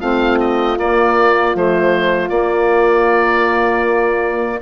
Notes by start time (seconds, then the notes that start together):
0.00 A3 C4 F4 F5
0.40 D#5
0.78 A#3 D5
1.53 F3 A3 C5
2.29 A#3 D5